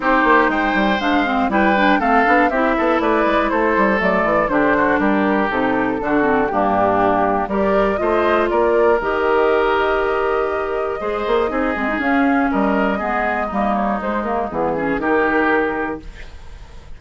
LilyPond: <<
  \new Staff \with { instrumentName = "flute" } { \time 4/4 \tempo 4 = 120 c''4 g''4 f''4 g''4 | f''4 e''4 d''4 c''4 | d''4 c''4 ais'4 a'4~ | a'4 g'2 d''4 |
dis''4 d''4 dis''2~ | dis''1 | f''4 dis''2~ dis''8 cis''8 | c''8 ais'8 gis'4 ais'2 | }
  \new Staff \with { instrumentName = "oboe" } { \time 4/4 g'4 c''2 b'4 | a'4 g'8 a'8 b'4 a'4~ | a'4 g'8 fis'8 g'2 | fis'4 d'2 ais'4 |
c''4 ais'2.~ | ais'2 c''4 gis'4~ | gis'4 ais'4 gis'4 dis'4~ | dis'4. gis'8 g'2 | }
  \new Staff \with { instrumentName = "clarinet" } { \time 4/4 dis'2 d'8 c'8 e'8 d'8 | c'8 d'8 e'2. | a4 d'2 dis'4 | d'8 c'8 ais2 g'4 |
f'2 g'2~ | g'2 gis'4 dis'8 c'16 dis'16 | cis'2 b4 ais4 | gis8 ais8 b8 cis'8 dis'2 | }
  \new Staff \with { instrumentName = "bassoon" } { \time 4/4 c'8 ais8 gis8 g8 gis4 g4 | a8 b8 c'8 b8 a8 gis8 a8 g8 | fis8 e8 d4 g4 c4 | d4 g,2 g4 |
a4 ais4 dis2~ | dis2 gis8 ais8 c'8 gis8 | cis'4 g4 gis4 g4 | gis4 e4 dis2 | }
>>